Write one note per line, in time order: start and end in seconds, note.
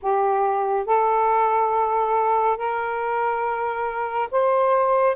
0.02 0.86 G4
0.86 2.57 A4
2.57 4.28 A#4
4.31 5.16 C5